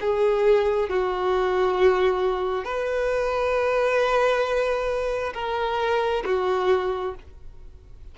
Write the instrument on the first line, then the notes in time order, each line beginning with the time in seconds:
violin
0.00 G#4
0.89 F#4
2.64 B4
5.34 A#4
6.25 F#4